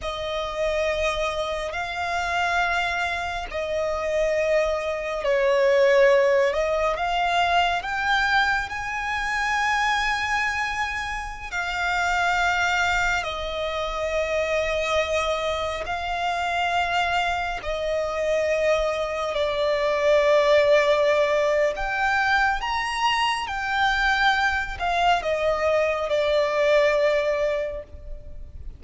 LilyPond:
\new Staff \with { instrumentName = "violin" } { \time 4/4 \tempo 4 = 69 dis''2 f''2 | dis''2 cis''4. dis''8 | f''4 g''4 gis''2~ | gis''4~ gis''16 f''2 dis''8.~ |
dis''2~ dis''16 f''4.~ f''16~ | f''16 dis''2 d''4.~ d''16~ | d''4 g''4 ais''4 g''4~ | g''8 f''8 dis''4 d''2 | }